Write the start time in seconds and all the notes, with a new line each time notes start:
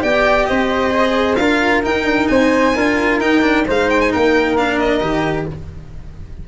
0.00 B3 G4 D5 G5
0.46 C4 C5 D#5
0.91 G#4
1.36 D4 F4 A#4 F5
1.83 D#4 G5
2.04 D4
2.27 C4 C5 G#5
2.75 D4 F4 A#4
3.20 D#4 G5
3.42 D4
3.67 G#3 D#4 C5 F5
3.90 G5
4.01 G#5
4.12 A#3 A#4 G5
4.57 D4 F5
4.79 D#5
5.00 D#3 G4